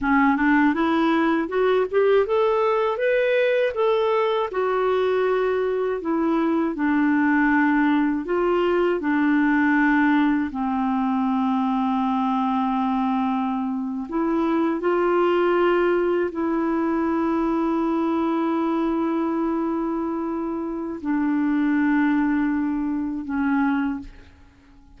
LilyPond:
\new Staff \with { instrumentName = "clarinet" } { \time 4/4 \tempo 4 = 80 cis'8 d'8 e'4 fis'8 g'8 a'4 | b'4 a'4 fis'2 | e'4 d'2 f'4 | d'2 c'2~ |
c'2~ c'8. e'4 f'16~ | f'4.~ f'16 e'2~ e'16~ | e'1 | d'2. cis'4 | }